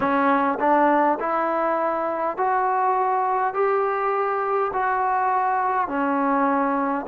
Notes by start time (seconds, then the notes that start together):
0.00 C#4
0.59 D4
1.19 E4
2.37 F#4
3.53 G4
4.73 F#4
5.88 C#4